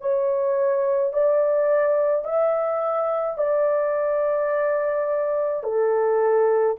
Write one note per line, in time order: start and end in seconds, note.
0.00 1.13 C#5
1.13 2.24 D5
2.24 3.38 E5
3.38 5.63 D5
5.63 6.76 A4